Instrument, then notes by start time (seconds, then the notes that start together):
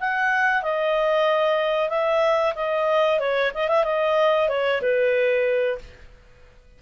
clarinet
0.00 F#5
0.62 D#5
1.89 E5
2.55 D#5
3.19 C#5
3.54 D#5
3.68 E5
3.84 D#5
4.49 C#5
4.82 B4